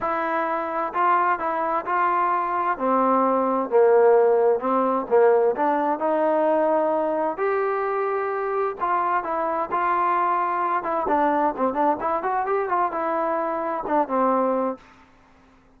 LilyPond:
\new Staff \with { instrumentName = "trombone" } { \time 4/4 \tempo 4 = 130 e'2 f'4 e'4 | f'2 c'2 | ais2 c'4 ais4 | d'4 dis'2. |
g'2. f'4 | e'4 f'2~ f'8 e'8 | d'4 c'8 d'8 e'8 fis'8 g'8 f'8 | e'2 d'8 c'4. | }